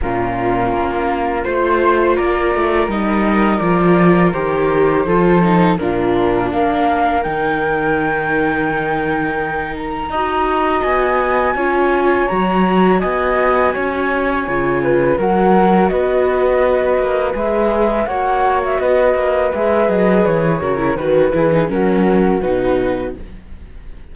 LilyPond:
<<
  \new Staff \with { instrumentName = "flute" } { \time 4/4 \tempo 4 = 83 ais'2 c''4 d''4 | dis''4 d''4 c''2 | ais'4 f''4 g''2~ | g''4. ais''4. gis''4~ |
gis''4 ais''4 gis''2~ | gis''4 fis''4 dis''2 | e''4 fis''8. e''16 dis''4 e''8 dis''8 | cis''4 b'8 gis'8 ais'4 b'4 | }
  \new Staff \with { instrumentName = "flute" } { \time 4/4 f'2 c''4 ais'4~ | ais'2. a'4 | f'4 ais'2.~ | ais'2 dis''2 |
cis''2 dis''4 cis''4~ | cis''8 b'8 ais'4 b'2~ | b'4 cis''4 b'2~ | b'8 ais'8 b'4 fis'2 | }
  \new Staff \with { instrumentName = "viola" } { \time 4/4 cis'2 f'2 | dis'4 f'4 g'4 f'8 dis'8 | d'2 dis'2~ | dis'2 fis'2 |
f'4 fis'2. | f'4 fis'2. | gis'4 fis'2 gis'4~ | gis'8 fis'16 e'16 fis'8 e'16 dis'16 cis'4 dis'4 | }
  \new Staff \with { instrumentName = "cello" } { \time 4/4 ais,4 ais4 a4 ais8 a8 | g4 f4 dis4 f4 | ais,4 ais4 dis2~ | dis2 dis'4 b4 |
cis'4 fis4 b4 cis'4 | cis4 fis4 b4. ais8 | gis4 ais4 b8 ais8 gis8 fis8 | e8 cis8 dis8 e8 fis4 b,4 | }
>>